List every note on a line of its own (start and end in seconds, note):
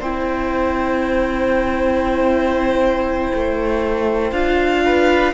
0.00 3.32 C4
0.00 4.33 E4
0.00 4.83 C5
0.00 4.32 G5
3.35 4.32 A3
4.32 5.34 D4
4.32 5.34 F4
4.32 5.34 F5
4.86 5.34 B4